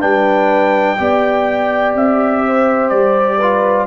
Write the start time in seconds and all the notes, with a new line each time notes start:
0.00 G3 D4 B4 G5
0.97 B3 G4 D5
1.95 C4 E5
2.46 C5
2.89 G3 D5
3.37 F4 B4